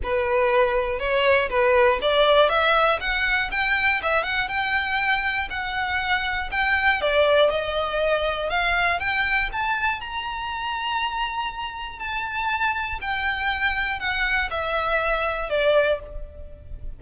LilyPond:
\new Staff \with { instrumentName = "violin" } { \time 4/4 \tempo 4 = 120 b'2 cis''4 b'4 | d''4 e''4 fis''4 g''4 | e''8 fis''8 g''2 fis''4~ | fis''4 g''4 d''4 dis''4~ |
dis''4 f''4 g''4 a''4 | ais''1 | a''2 g''2 | fis''4 e''2 d''4 | }